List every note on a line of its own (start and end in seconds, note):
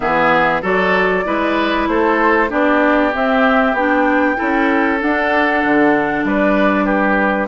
0.00 0.62 E3
0.00 0.62 B3
0.00 0.62 G#4
0.00 0.62 E5
0.62 1.24 F#3
0.62 1.24 F#4
0.62 1.24 A4
0.62 1.88 D5
1.24 1.87 G#3
1.24 2.49 E4
1.24 1.89 B4
1.87 2.50 A3
1.87 2.49 A4
1.87 2.50 C5
2.49 3.14 B3
2.49 3.11 D4
2.49 4.37 G4
2.49 3.14 D5
3.13 3.76 C4
3.13 3.73 C4
3.13 3.74 E5
3.73 4.35 B3
3.73 4.36 D4
3.73 4.99 G5
4.36 5.02 C#4
4.36 4.98 E4
4.36 6.25 A4
4.99 7.48 D4
4.99 5.64 D4
4.99 6.25 F#5
5.64 6.24 D3
6.24 7.48 G3
6.24 6.84 B4
6.24 6.85 D5
6.84 7.47 G4
6.84 7.47 B4